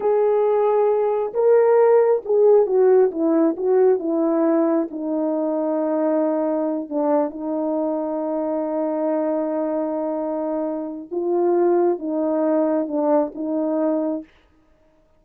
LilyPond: \new Staff \with { instrumentName = "horn" } { \time 4/4 \tempo 4 = 135 gis'2. ais'4~ | ais'4 gis'4 fis'4 e'4 | fis'4 e'2 dis'4~ | dis'2.~ dis'8 d'8~ |
d'8 dis'2.~ dis'8~ | dis'1~ | dis'4 f'2 dis'4~ | dis'4 d'4 dis'2 | }